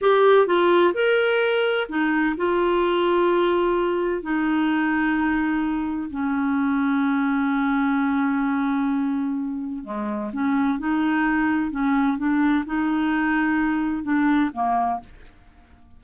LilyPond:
\new Staff \with { instrumentName = "clarinet" } { \time 4/4 \tempo 4 = 128 g'4 f'4 ais'2 | dis'4 f'2.~ | f'4 dis'2.~ | dis'4 cis'2.~ |
cis'1~ | cis'4 gis4 cis'4 dis'4~ | dis'4 cis'4 d'4 dis'4~ | dis'2 d'4 ais4 | }